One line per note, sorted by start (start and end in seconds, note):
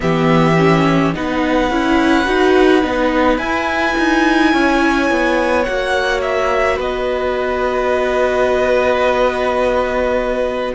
0.00 1.14 E3
0.00 0.55 B3
0.00 1.14 G4
0.00 1.14 E5
0.57 1.13 C#4
1.13 1.70 B3
1.13 1.70 D#4
1.13 4.53 B4
1.13 3.38 F#5
1.70 2.27 C#4
1.70 2.24 E4
2.24 2.83 D#4
2.24 2.81 F#4
2.82 3.38 B3
2.82 3.39 D#4
3.38 3.94 E4
3.38 5.65 E4
3.38 5.63 G#5
3.97 4.53 D#4
4.53 5.10 C#4
4.53 6.76 C#5
5.10 5.67 B3
5.63 6.78 A#3
5.63 10.74 F#4
5.63 6.20 F#5
6.21 6.78 E5
6.76 10.74 B3
6.76 10.72 B4
6.76 10.74 D#5